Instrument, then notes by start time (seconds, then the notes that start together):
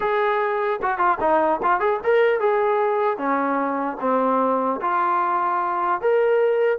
trombone
0.00 G#4
0.82 F#4
0.98 F4
1.20 D#4
1.62 F4
1.80 G#4
2.03 A#4
2.39 G#4
3.17 C#4
4.00 C4
4.81 F4
6.01 A#4